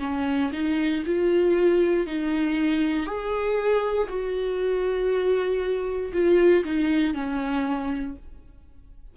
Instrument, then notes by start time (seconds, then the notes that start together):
viola
0.00 C#4
0.53 D#4
1.06 F4
2.07 D#4
3.06 G#4
4.09 F#4
6.13 F4
6.65 D#4
7.14 C#4